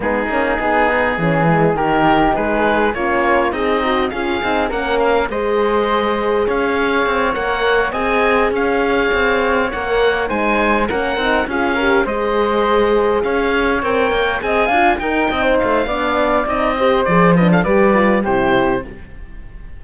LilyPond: <<
  \new Staff \with { instrumentName = "oboe" } { \time 4/4 \tempo 4 = 102 gis'2. ais'4 | b'4 cis''4 dis''4 f''4 | fis''8 f''8 dis''2 f''4~ | f''8 fis''4 gis''4 f''4.~ |
f''8 fis''4 gis''4 fis''4 f''8~ | f''8 dis''2 f''4 g''8~ | g''8 gis''4 g''4 f''4. | dis''4 d''8 dis''16 f''16 d''4 c''4 | }
  \new Staff \with { instrumentName = "flute" } { \time 4/4 dis'4 gis'8 dis'8 gis'4 g'4 | gis'4 f'4 dis'4 gis'4 | ais'4 c''2 cis''4~ | cis''4. dis''4 cis''4.~ |
cis''4. c''4 ais'4 gis'8 | ais'8 c''2 cis''4.~ | cis''8 dis''8 f''8 ais'8 dis''16 c''8. d''4~ | d''8 c''4 b'16 a'16 b'4 g'4 | }
  \new Staff \with { instrumentName = "horn" } { \time 4/4 b8 cis'8 dis'4 cis'8 gis8 dis'4~ | dis'4 cis'4 gis'8 fis'8 f'8 dis'8 | cis'4 gis'2.~ | gis'8 ais'4 gis'2~ gis'8~ |
gis'8 ais'4 dis'4 cis'8 dis'8 f'8 | g'8 gis'2. ais'8~ | ais'8 gis'8 f'8 dis'4. d'4 | dis'8 g'8 gis'8 d'8 g'8 f'8 e'4 | }
  \new Staff \with { instrumentName = "cello" } { \time 4/4 gis8 ais8 b4 e4 dis4 | gis4 ais4 c'4 cis'8 c'8 | ais4 gis2 cis'4 | c'8 ais4 c'4 cis'4 c'8~ |
c'8 ais4 gis4 ais8 c'8 cis'8~ | cis'8 gis2 cis'4 c'8 | ais8 c'8 d'8 dis'8 c'8 a8 b4 | c'4 f4 g4 c4 | }
>>